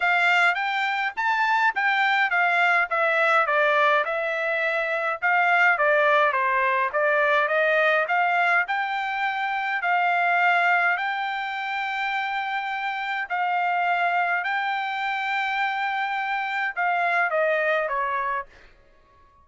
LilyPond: \new Staff \with { instrumentName = "trumpet" } { \time 4/4 \tempo 4 = 104 f''4 g''4 a''4 g''4 | f''4 e''4 d''4 e''4~ | e''4 f''4 d''4 c''4 | d''4 dis''4 f''4 g''4~ |
g''4 f''2 g''4~ | g''2. f''4~ | f''4 g''2.~ | g''4 f''4 dis''4 cis''4 | }